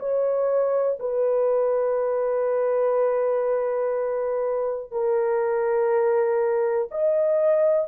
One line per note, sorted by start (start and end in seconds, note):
0.00 0.98 C#5
1.00 4.92 B4
4.92 6.89 A#4
6.92 7.88 D#5